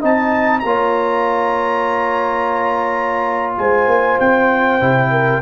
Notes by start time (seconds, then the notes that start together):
0.00 C4 D#4 D#5 A5
0.59 A#3 A#5
0.65 F4 C#5
3.57 G#3 C5 G#5
3.86 A#3
4.19 C4 G5
4.81 C3 E4
5.10 A#4